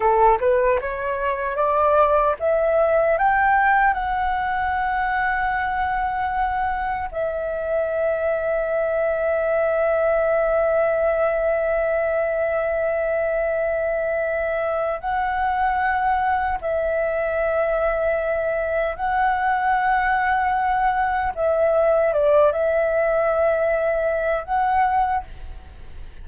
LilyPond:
\new Staff \with { instrumentName = "flute" } { \time 4/4 \tempo 4 = 76 a'8 b'8 cis''4 d''4 e''4 | g''4 fis''2.~ | fis''4 e''2.~ | e''1~ |
e''2. fis''4~ | fis''4 e''2. | fis''2. e''4 | d''8 e''2~ e''8 fis''4 | }